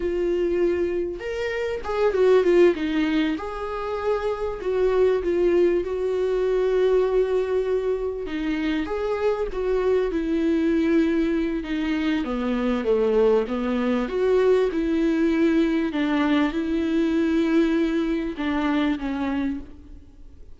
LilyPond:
\new Staff \with { instrumentName = "viola" } { \time 4/4 \tempo 4 = 98 f'2 ais'4 gis'8 fis'8 | f'8 dis'4 gis'2 fis'8~ | fis'8 f'4 fis'2~ fis'8~ | fis'4. dis'4 gis'4 fis'8~ |
fis'8 e'2~ e'8 dis'4 | b4 a4 b4 fis'4 | e'2 d'4 e'4~ | e'2 d'4 cis'4 | }